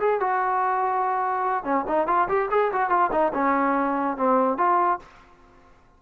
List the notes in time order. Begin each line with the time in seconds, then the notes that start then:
0.00 G#4
0.20 F#4
1.64 C#4
1.87 D#4
2.07 F4
2.28 G4
2.51 G#4
2.72 F#4
2.89 F4
3.12 D#4
3.34 C#4
4.17 C4
4.57 F4